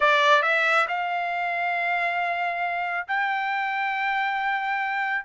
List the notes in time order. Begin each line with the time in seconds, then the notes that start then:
0.00 D5
0.42 E5
0.88 F5
3.07 G5